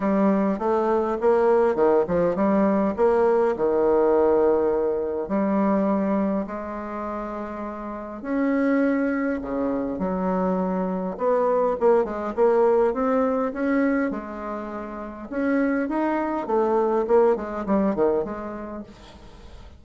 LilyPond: \new Staff \with { instrumentName = "bassoon" } { \time 4/4 \tempo 4 = 102 g4 a4 ais4 dis8 f8 | g4 ais4 dis2~ | dis4 g2 gis4~ | gis2 cis'2 |
cis4 fis2 b4 | ais8 gis8 ais4 c'4 cis'4 | gis2 cis'4 dis'4 | a4 ais8 gis8 g8 dis8 gis4 | }